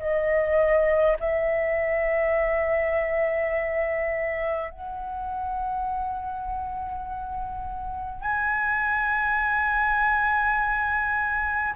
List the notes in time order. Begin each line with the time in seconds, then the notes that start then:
0.00 D#5
1.20 E5
4.71 F#5
8.21 G#5